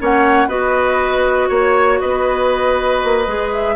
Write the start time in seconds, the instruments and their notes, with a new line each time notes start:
0.00 bassoon A#3, clarinet C#4, oboe C#5, flute F#5
0.48 bassoon B3, clarinet F#4, oboe B4, flute D#5
1.49 bassoon A#3, oboe C#5, flute C#5
2.00 bassoon B3, oboe B4, flute D#5
3.04 bassoon A#3
3.27 bassoon G#3, clarinet G#4
3.53 flute E5